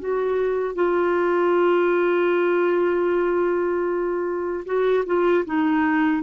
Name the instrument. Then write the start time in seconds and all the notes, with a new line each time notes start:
clarinet
0.00 F#4
0.75 F4
4.65 F#4
5.06 F4
5.45 D#4